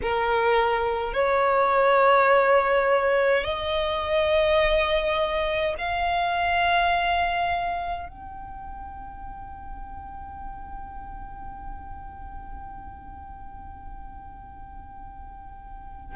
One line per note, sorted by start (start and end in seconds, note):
0.02 1.13 A#4
1.13 3.44 C#5
3.44 5.74 D#5
5.77 8.08 F5
8.08 16.16 G5